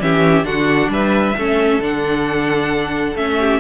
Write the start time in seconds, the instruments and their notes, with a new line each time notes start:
0.00 cello E3, viola C#4, violin G4 E5
0.43 cello D3, viola D4, violin F#4 F#5
0.88 cello G3, violin B4 E5
1.37 cello A3, viola C#4, violin A4
1.79 cello D3, viola D4, violin F#5
3.15 cello A3, viola C#4, violin E5
3.39 violin G4